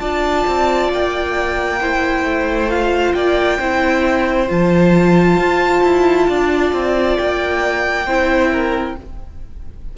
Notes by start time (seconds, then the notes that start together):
0.00 D4 F4 D5 A5
0.48 C4
0.93 A#3 G5
1.81 E4 C5
2.24 A3
2.70 F4 F5
3.14 A#3 D5 G5
3.58 C4 E4 C5
4.48 F3 F4 A5
5.38 F4
5.84 E4
6.29 D4 D5
6.73 C4
7.17 A#3 G5
8.07 C4 E4 C5
8.52 A#4